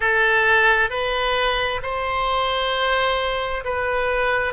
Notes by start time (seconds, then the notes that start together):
0.00 A4
0.90 B4
1.82 C5
3.64 B4